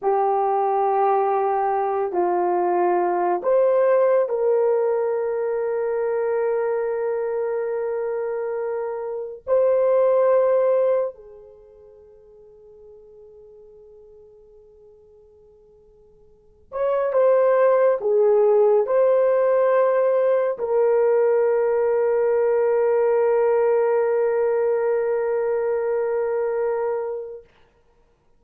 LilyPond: \new Staff \with { instrumentName = "horn" } { \time 4/4 \tempo 4 = 70 g'2~ g'8 f'4. | c''4 ais'2.~ | ais'2. c''4~ | c''4 gis'2.~ |
gis'2.~ gis'8 cis''8 | c''4 gis'4 c''2 | ais'1~ | ais'1 | }